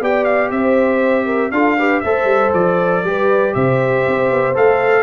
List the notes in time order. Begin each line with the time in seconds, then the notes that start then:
0.00 B3 G4 D5 G5
0.24 F5
0.50 C4 C5 E5
1.25 A#4
1.51 D4 F4 A4 F5
1.77 G4 B4
2.00 A3 A4 C5 E5
2.24 G3
2.53 F3 D5
3.03 G3 G4 B4
3.54 C3 C5 E5
4.07 C4
4.31 B3
4.54 A3 A4 F5